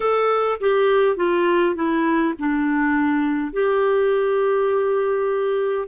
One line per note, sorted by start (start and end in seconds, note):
0.00 0.58 A4
0.60 1.16 G4
1.16 1.75 F4
1.75 2.34 E4
2.39 3.52 D4
3.52 5.88 G4